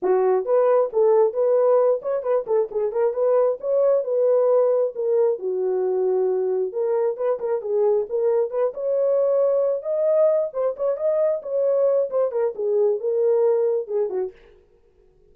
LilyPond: \new Staff \with { instrumentName = "horn" } { \time 4/4 \tempo 4 = 134 fis'4 b'4 a'4 b'4~ | b'8 cis''8 b'8 a'8 gis'8 ais'8 b'4 | cis''4 b'2 ais'4 | fis'2. ais'4 |
b'8 ais'8 gis'4 ais'4 b'8 cis''8~ | cis''2 dis''4. c''8 | cis''8 dis''4 cis''4. c''8 ais'8 | gis'4 ais'2 gis'8 fis'8 | }